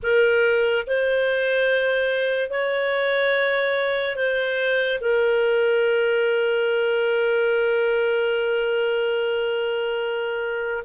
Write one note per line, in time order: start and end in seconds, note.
0.02 0.86 A#4
0.86 2.50 C5
2.50 4.16 C#5
4.16 4.99 C5
5.00 10.83 A#4